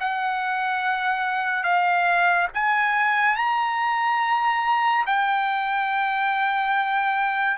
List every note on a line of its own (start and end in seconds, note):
0.00 1.63 F#5
1.63 2.48 F5
2.54 3.36 G#5
3.36 5.05 A#5
5.06 7.57 G5